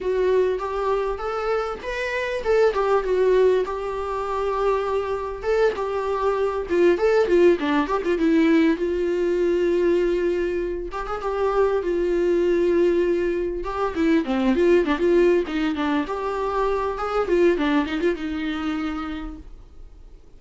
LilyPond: \new Staff \with { instrumentName = "viola" } { \time 4/4 \tempo 4 = 99 fis'4 g'4 a'4 b'4 | a'8 g'8 fis'4 g'2~ | g'4 a'8 g'4. f'8 a'8 | f'8 d'8 g'16 f'16 e'4 f'4.~ |
f'2 g'16 gis'16 g'4 f'8~ | f'2~ f'8 g'8 e'8 c'8 | f'8 d'16 f'8. dis'8 d'8 g'4. | gis'8 f'8 d'8 dis'16 f'16 dis'2 | }